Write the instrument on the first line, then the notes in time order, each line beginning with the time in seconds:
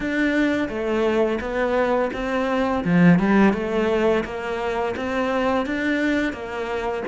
cello
0.00 D4
0.68 A3
1.40 B3
2.13 C4
2.84 F3
3.19 G3
3.53 A3
4.24 A#3
4.96 C4
5.65 D4
6.32 A#3